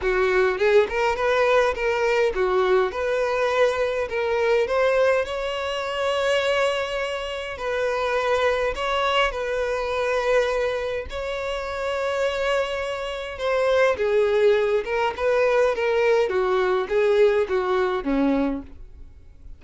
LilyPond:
\new Staff \with { instrumentName = "violin" } { \time 4/4 \tempo 4 = 103 fis'4 gis'8 ais'8 b'4 ais'4 | fis'4 b'2 ais'4 | c''4 cis''2.~ | cis''4 b'2 cis''4 |
b'2. cis''4~ | cis''2. c''4 | gis'4. ais'8 b'4 ais'4 | fis'4 gis'4 fis'4 cis'4 | }